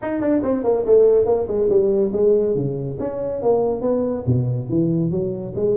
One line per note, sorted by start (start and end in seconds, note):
0.01 0.20 D#4
0.20 0.42 D4
0.43 0.63 C4
0.63 0.85 A#3
0.85 1.25 A3
1.25 1.46 A#3
1.47 1.68 G#3
1.69 2.11 G3
2.13 2.55 G#3
2.55 2.97 C#3
2.99 3.42 C#4
3.42 3.81 A#3
3.81 4.23 B3
4.26 4.69 B2
4.69 5.10 E3
5.10 5.53 F#3
5.55 5.76 G#3